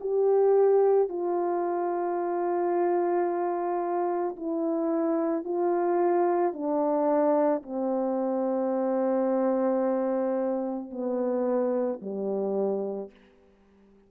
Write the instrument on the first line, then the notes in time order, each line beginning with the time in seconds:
horn
0.00 G4
1.09 F4
4.36 E4
5.44 F4
6.53 D4
7.63 C4
10.91 B3
12.01 G3